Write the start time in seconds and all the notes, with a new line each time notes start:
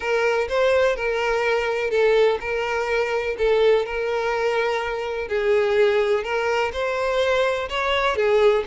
0.00 A#4
0.48 C5
0.96 A#4
1.90 A4
2.40 A#4
3.38 A4
3.85 A#4
5.28 G#4
6.23 A#4
6.72 C5
7.69 C#5
8.16 G#4